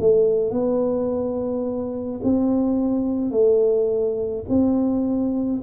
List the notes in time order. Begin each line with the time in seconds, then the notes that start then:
0.00 A3
0.51 B3
2.23 C4
3.31 A3
4.49 C4